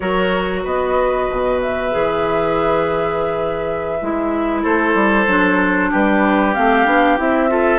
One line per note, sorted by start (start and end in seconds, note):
0.00 0.65 F#3
0.00 1.91 F#4
0.00 0.63 A#4
0.00 0.60 C#5
0.63 1.29 B3
0.63 4.62 B4
0.63 1.60 D#5
1.30 1.94 B2
1.60 4.63 E5
1.91 4.01 E3
1.91 3.98 G#4
4.01 4.64 G#3
4.01 5.27 E4
4.62 4.94 A3
4.62 5.90 A4
4.62 5.91 C5
4.94 5.26 G3
5.26 5.90 F#3
5.26 6.55 D4
5.90 6.56 G3
5.90 7.49 G4
5.90 6.54 B4
6.54 6.85 A3
6.54 6.85 C4
6.54 7.17 F5
6.85 7.17 B3
6.85 7.17 D4
7.17 7.79 C4
7.17 7.48 E4
7.17 7.79 E5
7.48 7.79 F4
7.48 7.79 A4